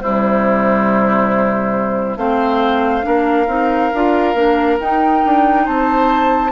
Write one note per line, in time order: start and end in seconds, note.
0.00 2.16 C3
0.00 2.18 G3
0.00 2.18 E4
0.00 2.17 C5
2.16 3.03 A3
2.16 3.02 C4
2.16 3.05 C5
2.16 4.78 F5
3.02 3.47 A#3
3.02 3.45 D4
3.02 5.65 A#4
3.47 3.91 C4
3.47 3.91 D#4
3.94 4.34 D4
3.94 4.35 F4
4.34 4.78 A#3
4.34 4.78 D4
4.80 5.23 D#4
4.80 6.51 D#4
4.80 5.66 G5
5.25 5.67 D4
5.65 6.51 C4
5.65 6.51 C5
5.65 6.51 A5